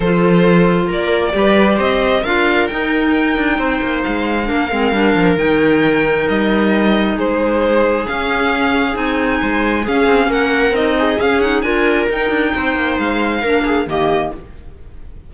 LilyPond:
<<
  \new Staff \with { instrumentName = "violin" } { \time 4/4 \tempo 4 = 134 c''2 d''2 | dis''4 f''4 g''2~ | g''4 f''2. | g''2 dis''2 |
c''2 f''2 | gis''2 f''4 fis''4 | dis''4 f''8 fis''8 gis''4 g''4~ | g''4 f''2 dis''4 | }
  \new Staff \with { instrumentName = "viola" } { \time 4/4 a'2 ais'4 b'4 | c''4 ais'2. | c''2 ais'2~ | ais'1 |
gis'1~ | gis'4 c''4 gis'4 ais'4~ | ais'8 gis'4. ais'2 | c''2 ais'8 gis'8 g'4 | }
  \new Staff \with { instrumentName = "clarinet" } { \time 4/4 f'2. g'4~ | g'4 f'4 dis'2~ | dis'2 d'8 c'8 d'4 | dis'1~ |
dis'2 cis'2 | dis'2 cis'2 | dis'4 cis'8 dis'8 f'4 dis'4~ | dis'2 d'4 ais4 | }
  \new Staff \with { instrumentName = "cello" } { \time 4/4 f2 ais4 g4 | c'4 d'4 dis'4. d'8 | c'8 ais8 gis4 ais8 gis8 g8 f8 | dis2 g2 |
gis2 cis'2 | c'4 gis4 cis'8 c'8 ais4 | c'4 cis'4 d'4 dis'8 d'8 | c'8 ais8 gis4 ais4 dis4 | }
>>